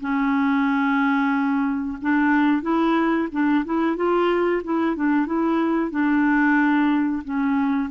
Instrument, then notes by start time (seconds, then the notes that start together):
clarinet
0.00 C#4
2.01 D4
2.62 E4
3.31 D4
3.65 E4
3.96 F4
4.64 E4
4.96 D4
5.26 E4
5.90 D4
7.24 C#4